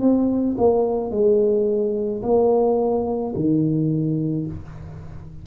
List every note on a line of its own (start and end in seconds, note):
0.00 0.56 C4
0.58 1.11 A#3
1.11 2.22 G#3
2.23 3.34 A#3
3.35 4.46 D#3